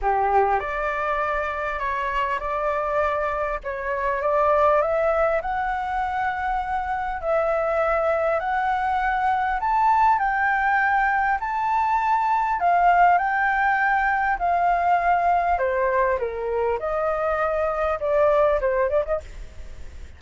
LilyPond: \new Staff \with { instrumentName = "flute" } { \time 4/4 \tempo 4 = 100 g'4 d''2 cis''4 | d''2 cis''4 d''4 | e''4 fis''2. | e''2 fis''2 |
a''4 g''2 a''4~ | a''4 f''4 g''2 | f''2 c''4 ais'4 | dis''2 d''4 c''8 d''16 dis''16 | }